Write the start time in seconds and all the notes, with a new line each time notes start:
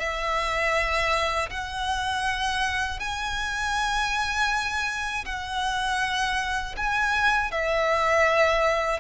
0.00 E5
1.50 F#5
3.00 G#5
5.26 F#5
6.77 G#5
7.51 E5